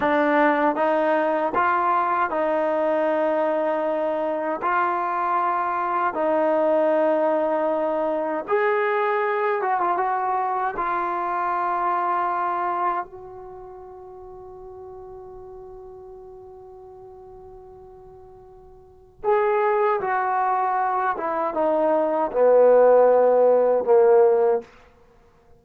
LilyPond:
\new Staff \with { instrumentName = "trombone" } { \time 4/4 \tempo 4 = 78 d'4 dis'4 f'4 dis'4~ | dis'2 f'2 | dis'2. gis'4~ | gis'8 fis'16 f'16 fis'4 f'2~ |
f'4 fis'2.~ | fis'1~ | fis'4 gis'4 fis'4. e'8 | dis'4 b2 ais4 | }